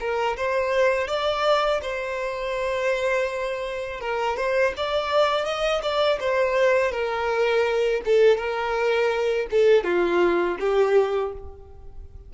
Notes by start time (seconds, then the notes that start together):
0.00 A#4
0.37 C5
1.08 D5
1.83 C5
4.00 A#4
4.37 C5
4.77 D5
5.45 D#5
5.83 D5
6.20 C5
6.92 A#4
8.06 A4
8.37 A#4
9.51 A4
9.84 F4
10.60 G4